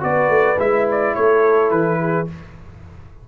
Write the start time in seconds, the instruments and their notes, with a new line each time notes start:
0.00 tuba B3, trombone F#4, horn B4, trumpet D5
0.29 tuba A3
0.59 tuba G#3, trombone E4, trumpet E5
0.91 trumpet D5
1.14 tuba A3, horn A4, trumpet C#5
1.70 tuba E3, trumpet B4
2.00 horn G#4